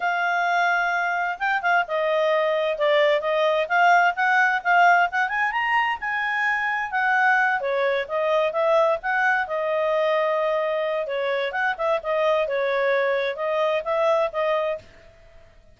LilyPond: \new Staff \with { instrumentName = "clarinet" } { \time 4/4 \tempo 4 = 130 f''2. g''8 f''8 | dis''2 d''4 dis''4 | f''4 fis''4 f''4 fis''8 gis''8 | ais''4 gis''2 fis''4~ |
fis''8 cis''4 dis''4 e''4 fis''8~ | fis''8 dis''2.~ dis''8 | cis''4 fis''8 e''8 dis''4 cis''4~ | cis''4 dis''4 e''4 dis''4 | }